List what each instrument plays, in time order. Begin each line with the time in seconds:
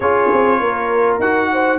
0.00 tuba C#4, trombone F4, horn G#4, trumpet C#5
0.32 tuba C4
0.59 tuba A#3, horn A#4
1.19 tuba D#4, trombone F#4, trumpet F#5
1.52 horn C5